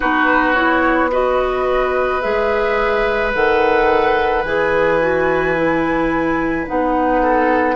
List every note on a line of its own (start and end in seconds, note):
0.00 2.24 B3
0.00 0.54 D#4
0.00 1.11 F#4
0.00 0.53 B4
0.53 1.10 E4
0.53 1.09 C#5
1.11 2.21 F#4
1.11 7.22 B4
1.11 2.21 D#5
2.21 3.35 G#3
2.21 3.32 G#4
2.21 3.32 E5
3.33 4.44 D#3
3.33 4.44 A4
3.33 4.43 F#5
4.43 6.67 E3
4.43 5.00 G#4
4.43 6.66 G#5
5.00 5.55 F#4
5.55 6.66 E4
6.66 7.75 B3
6.66 7.75 D#4
6.66 7.75 F#5
7.22 7.75 A4